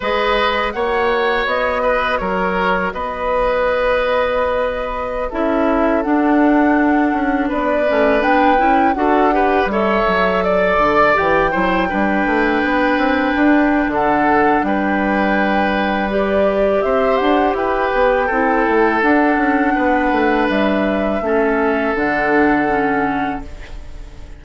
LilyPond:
<<
  \new Staff \with { instrumentName = "flute" } { \time 4/4 \tempo 4 = 82 dis''4 fis''4 dis''4 cis''4 | dis''2.~ dis''16 e''8.~ | e''16 fis''2 d''4 g''8.~ | g''16 fis''4 e''4 d''4 g''8.~ |
g''2. fis''4 | g''2 d''4 e''8 fis''8 | g''2 fis''2 | e''2 fis''2 | }
  \new Staff \with { instrumentName = "oboe" } { \time 4/4 b'4 cis''4. b'8 ais'4 | b'2.~ b'16 a'8.~ | a'2~ a'16 b'4.~ b'16~ | b'16 a'8 b'8 cis''4 d''4. c''16~ |
c''16 b'2~ b'8. a'4 | b'2. c''4 | b'4 a'2 b'4~ | b'4 a'2. | }
  \new Staff \with { instrumentName = "clarinet" } { \time 4/4 gis'4 fis'2.~ | fis'2.~ fis'16 e'8.~ | e'16 d'2~ d'8 cis'8 d'8 e'16~ | e'16 fis'8 g'8 a'2 g'8 e'16~ |
e'16 d'2.~ d'8.~ | d'2 g'2~ | g'4 e'4 d'2~ | d'4 cis'4 d'4 cis'4 | }
  \new Staff \with { instrumentName = "bassoon" } { \time 4/4 gis4 ais4 b4 fis4 | b2.~ b16 cis'8.~ | cis'16 d'4. cis'8 b8 a8 b8 cis'16~ | cis'16 d'4 g8 fis4 d8 e8 fis16~ |
fis16 g8 a8 b8 c'8 d'8. d4 | g2. c'8 d'8 | e'8 b8 c'8 a8 d'8 cis'8 b8 a8 | g4 a4 d2 | }
>>